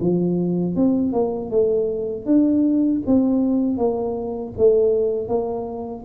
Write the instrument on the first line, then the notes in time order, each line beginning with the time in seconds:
tuba
0.00 F3
0.75 C4
1.12 A#3
1.50 A3
2.25 D4
3.06 C4
3.77 A#3
4.57 A3
5.28 A#3